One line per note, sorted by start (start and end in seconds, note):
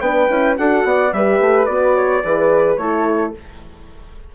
0.00 0.28 B3
0.00 0.28 D4
0.00 0.58 B4
0.00 0.56 G5
0.28 0.57 C#4
0.28 0.56 E4
0.56 0.84 D4
0.56 1.12 F#4
0.56 0.87 A4
0.56 1.13 F#5
0.84 1.12 B3
0.84 1.14 D5
1.12 1.40 G3
1.12 1.68 G4
1.12 1.95 B4
1.12 1.66 E5
1.40 1.67 A3
1.66 2.23 B3
1.66 2.23 F#4
1.66 2.77 D5
1.95 2.23 C#5
2.24 2.77 E3
2.24 2.79 G#4
2.24 2.80 B4
2.77 3.33 A3
2.77 3.34 E4
2.77 3.35 A4
2.77 3.32 C#5